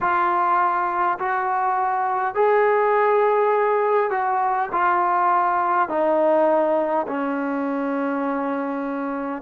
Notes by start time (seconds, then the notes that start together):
0.00 F4
1.18 F#4
2.34 G#4
4.10 F#4
4.72 F4
5.88 D#4
7.07 C#4